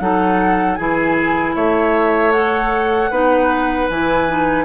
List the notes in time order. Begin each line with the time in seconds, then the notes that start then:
0.00 F#3 D#4 A4 F#5
0.75 E3 E4 G#4 G#5
1.55 A3 C#5 E5
2.32 A4 F#5
3.10 B3 D#4 B4
3.89 E3 E4 G#5
4.28 D#4